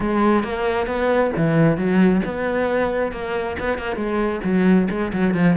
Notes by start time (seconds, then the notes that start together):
0.00 G#3
0.43 A#3
0.86 B3
1.36 E3
1.77 F#3
2.25 B3
3.12 A#3
3.59 B3
3.78 A#3
3.96 G#3
4.44 F#3
4.89 G#3
5.13 F#3
5.34 F3